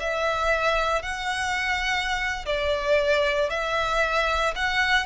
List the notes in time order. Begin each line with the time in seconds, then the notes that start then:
0.00 E5
1.02 F#5
2.46 D5
3.50 E5
4.55 F#5